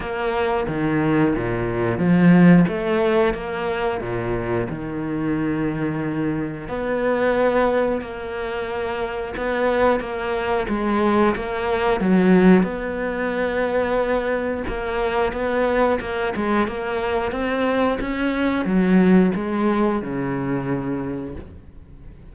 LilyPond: \new Staff \with { instrumentName = "cello" } { \time 4/4 \tempo 4 = 90 ais4 dis4 ais,4 f4 | a4 ais4 ais,4 dis4~ | dis2 b2 | ais2 b4 ais4 |
gis4 ais4 fis4 b4~ | b2 ais4 b4 | ais8 gis8 ais4 c'4 cis'4 | fis4 gis4 cis2 | }